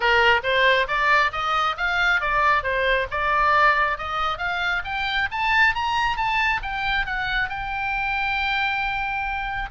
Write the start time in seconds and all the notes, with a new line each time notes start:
0.00 A#4
0.43 C5
0.87 D5
1.32 D#5
1.77 F5
2.20 D5
2.63 C5
3.10 D5
3.98 D#5
4.38 F5
4.84 G5
5.31 A5
5.74 A#5
6.16 A5
6.62 G5
7.05 F#5
7.49 G5